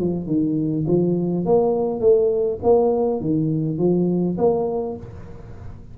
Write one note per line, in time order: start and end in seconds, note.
0.00 0.27 F3
0.27 0.86 D#3
0.87 1.45 F3
1.45 2.00 A#3
2.00 2.59 A3
2.63 3.21 A#3
3.21 3.78 D#3
3.78 4.37 F3
4.38 4.97 A#3